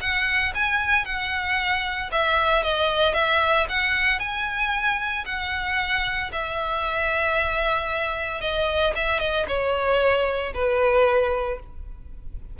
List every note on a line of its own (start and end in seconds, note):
0.00 0.53 F#5
0.54 1.05 G#5
1.05 2.10 F#5
2.11 2.63 E5
2.63 3.14 D#5
3.14 3.66 E5
3.68 4.19 F#5
4.19 5.24 G#5
5.25 6.30 F#5
6.32 8.41 E5
8.41 8.93 D#5
8.95 9.19 E5
9.19 9.45 D#5
9.47 10.53 C#5
10.54 11.59 B4